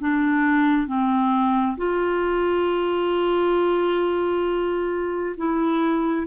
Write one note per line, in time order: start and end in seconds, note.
0.00 0.87 D4
0.87 1.76 C4
1.77 5.35 F4
5.37 6.26 E4